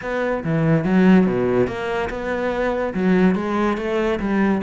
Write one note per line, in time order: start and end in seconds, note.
0.01 0.43 B3
0.43 0.84 E3
0.84 1.26 F#3
1.26 1.67 B2
1.67 2.09 A#3
2.09 2.93 B3
2.94 3.35 F#3
3.35 3.77 G#3
3.77 4.19 A3
4.19 4.61 G3